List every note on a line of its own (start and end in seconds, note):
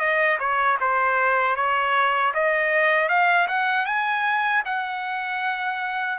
0.00 0.38 D#5
0.40 0.78 C#5
0.81 1.56 C5
1.56 2.33 C#5
2.34 3.09 D#5
3.09 3.48 F5
3.48 3.86 F#5
3.86 4.63 G#5
4.65 6.19 F#5